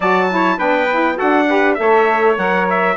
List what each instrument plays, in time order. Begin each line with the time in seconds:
0.00 bassoon F#3, saxophone F#4, trumpet D5 A5
0.30 saxophone E4, trumpet C#5
0.57 bassoon B3, saxophone D4, trumpet B4 G5
0.91 saxophone E4
1.15 saxophone F#4, trumpet A4 F#5
1.21 bassoon D4
1.48 saxophone G4, trumpet B4
1.74 bassoon A3, saxophone A4, trumpet E5
1.80 trumpet C#5
2.37 bassoon F#3, saxophone A#4, trumpet F#5
2.69 trumpet E5